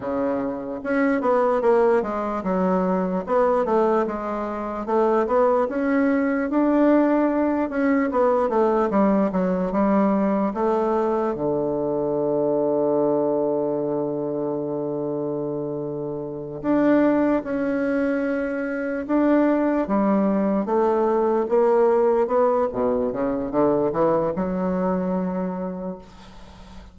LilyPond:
\new Staff \with { instrumentName = "bassoon" } { \time 4/4 \tempo 4 = 74 cis4 cis'8 b8 ais8 gis8 fis4 | b8 a8 gis4 a8 b8 cis'4 | d'4. cis'8 b8 a8 g8 fis8 | g4 a4 d2~ |
d1~ | d8 d'4 cis'2 d'8~ | d'8 g4 a4 ais4 b8 | b,8 cis8 d8 e8 fis2 | }